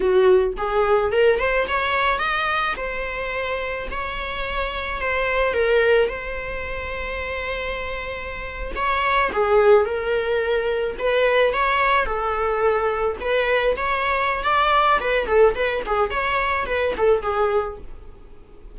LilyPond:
\new Staff \with { instrumentName = "viola" } { \time 4/4 \tempo 4 = 108 fis'4 gis'4 ais'8 c''8 cis''4 | dis''4 c''2 cis''4~ | cis''4 c''4 ais'4 c''4~ | c''2.~ c''8. cis''16~ |
cis''8. gis'4 ais'2 b'16~ | b'8. cis''4 a'2 b'16~ | b'8. cis''4~ cis''16 d''4 b'8 a'8 | b'8 gis'8 cis''4 b'8 a'8 gis'4 | }